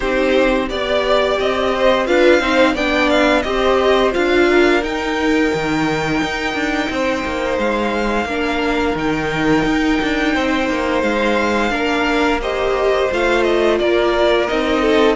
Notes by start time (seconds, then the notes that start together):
0.00 C4 D#4 G4 C5
0.69 B3 G4 D5
1.39 C4 D#5
1.74 C5
2.06 D4 F4 B4 F5
2.40 C4 D#4 C5
2.74 B3 D4 D5 G5
3.10 F5
3.42 C4 G4 D#5
3.48 C5
4.12 D4 F4 F5
4.48 A#4
4.82 D#4 G5
5.53 D#3
6.21 D#4
6.54 D4
6.89 C4 C5
7.24 A#3
7.58 G#3 F5
8.25 A#3 D4 A#4
8.95 D#3 D#4 G5
9.65 D#4
10.02 D4
10.33 C4 C5
10.69 A#3
11.02 G#3 F5
11.70 A#3 D4 A#4
12.41 G4 C5 D#5
13.11 A3 F4 F5
13.43 D#5
13.78 A#3 A#4 D5
14.47 C4 D#4 D#5
14.81 A4